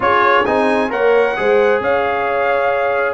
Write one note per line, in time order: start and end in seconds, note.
0.00 0.43 C#4
0.00 0.45 F4
0.00 0.90 G#4
0.00 0.45 C#5
0.45 0.91 C4
0.45 0.89 D#4
0.45 0.90 G#5
0.89 1.36 A#3
0.89 1.34 A#4
0.89 1.35 C#5
0.89 1.82 F#5
1.36 1.80 G#3
1.36 3.13 G#4
1.36 1.81 C5
1.80 3.13 C#4
1.80 3.13 C#5
1.80 3.13 F5